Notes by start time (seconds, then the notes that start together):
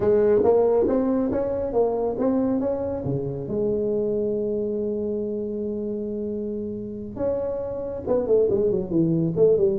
0.00 G#3
0.43 A#3
0.87 C4
1.31 C#4
1.72 A#3
2.18 C4
2.59 C#4
3.04 C#3
3.48 G#3
7.15 C#4
8.07 B3
8.26 A3
8.49 G#3
8.70 F#3
8.90 E3
9.35 A3
9.57 G3